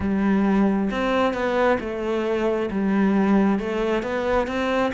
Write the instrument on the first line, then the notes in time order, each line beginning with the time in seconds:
cello
0.00 G3
0.90 C4
1.33 B3
1.80 A3
2.71 G3
3.59 A3
4.02 B3
4.47 C4